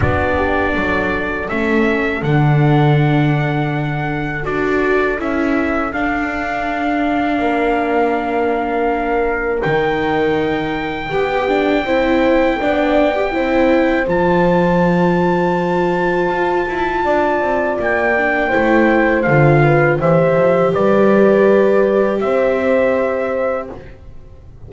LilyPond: <<
  \new Staff \with { instrumentName = "trumpet" } { \time 4/4 \tempo 4 = 81 d''2 e''4 fis''4~ | fis''2 d''4 e''4 | f''1~ | f''4 g''2.~ |
g''2. a''4~ | a''1 | g''2 f''4 e''4 | d''2 e''2 | }
  \new Staff \with { instrumentName = "horn" } { \time 4/4 fis'8 g'8 a'2.~ | a'1~ | a'2 ais'2~ | ais'2. g'4 |
c''4 d''4 c''2~ | c''2. d''4~ | d''4 c''4. b'8 c''4 | b'2 c''2 | }
  \new Staff \with { instrumentName = "viola" } { \time 4/4 d'2 cis'4 d'4~ | d'2 fis'4 e'4 | d'1~ | d'4 dis'2 g'8 d'8 |
e'4 d'8. g'16 e'4 f'4~ | f'1~ | f'8 d'8 e'4 f'4 g'4~ | g'1 | }
  \new Staff \with { instrumentName = "double bass" } { \time 4/4 b4 fis4 a4 d4~ | d2 d'4 cis'4 | d'2 ais2~ | ais4 dis2 b4 |
c'4 b4 c'4 f4~ | f2 f'8 e'8 d'8 c'8 | ais4 a4 d4 e8 f8 | g2 c'2 | }
>>